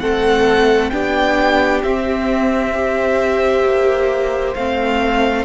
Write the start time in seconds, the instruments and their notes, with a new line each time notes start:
0.00 cello A3, viola C4, violin A4 F#5
0.91 cello B3, viola D4, violin G4 G5
1.83 viola C4, cello C4, violin E5
2.74 viola G4, violin C5
3.64 cello A#3
4.54 cello A3, viola C4, violin F5